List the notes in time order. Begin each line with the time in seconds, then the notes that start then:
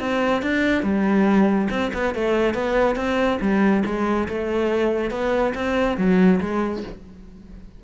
0.00 C4
0.43 D4
0.83 G3
1.71 C4
1.94 B3
2.15 A3
2.55 B3
2.96 C4
3.41 G3
3.86 G#3
4.29 A3
5.11 B3
5.55 C4
5.98 F#3
6.41 G#3